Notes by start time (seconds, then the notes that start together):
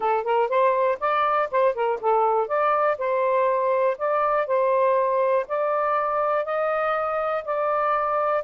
0.00 A4
0.23 A#4
0.48 C5
1.00 D5
1.51 C5
1.74 A#4
2.00 A4
2.47 D5
2.98 C5
3.98 D5
4.47 C5
5.47 D5
6.45 D#5
7.44 D5